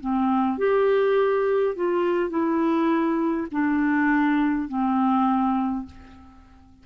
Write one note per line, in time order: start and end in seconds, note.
0.00 0.58 C4
0.58 1.75 G4
1.75 2.30 F4
2.30 3.48 E4
3.51 4.68 D4
4.68 5.86 C4